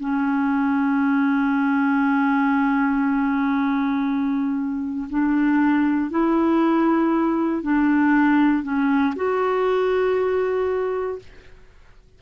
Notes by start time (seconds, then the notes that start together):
0.00 C#4
5.09 D4
6.11 E4
7.63 D4
8.63 C#4
9.15 F#4